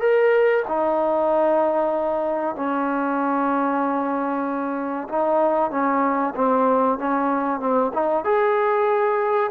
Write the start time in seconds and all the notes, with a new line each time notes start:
0.00 A#4
0.67 D#4
2.55 C#4
5.09 D#4
5.71 C#4
6.35 C4
6.98 C#4
7.60 C4
7.93 D#4
8.24 G#4